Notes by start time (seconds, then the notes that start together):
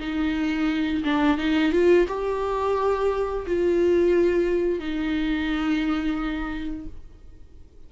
0.00 D#4
1.04 D4
1.38 D#4
1.72 F4
2.08 G4
3.46 F4
4.79 D#4